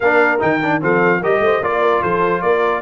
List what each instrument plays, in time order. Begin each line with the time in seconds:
0.00 tuba A#3, trombone D4, horn A#4, trumpet F5
0.39 tuba D#3, trombone D#4, trumpet G5
0.62 trombone D4
0.81 tuba F3, trombone C4, horn A4, trumpet F5
1.20 tuba G3, trombone G4, horn A#4, trumpet D#5
1.39 tuba A3, horn C5
1.60 tuba A#3, trombone F4, horn D5, trumpet D5
1.82 horn A#4
2.02 tuba F3, horn A4, trumpet C5
2.41 tuba A#3, horn A#4, trumpet D5